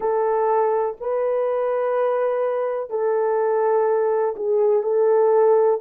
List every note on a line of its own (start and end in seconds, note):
0.00 0.97 A4
1.00 2.90 B4
2.90 4.35 A4
4.35 4.82 G#4
4.82 5.79 A4